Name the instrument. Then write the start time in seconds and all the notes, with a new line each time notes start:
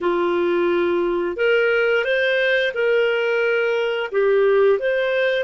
clarinet
0.00 F4
1.36 A#4
2.04 C5
2.73 A#4
4.11 G4
4.79 C5